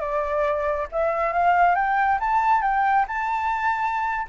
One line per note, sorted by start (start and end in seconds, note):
0.00 0.87 D5
0.92 1.33 E5
1.33 1.75 F5
1.75 2.19 G5
2.20 2.62 A5
2.62 3.05 G5
3.07 4.27 A5